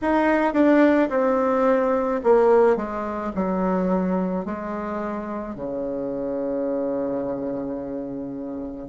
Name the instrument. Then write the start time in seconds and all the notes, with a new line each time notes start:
bassoon
0.02 D#4
0.53 D4
1.09 C4
2.23 A#3
2.76 G#3
3.35 F#3
4.45 G#3
5.55 C#3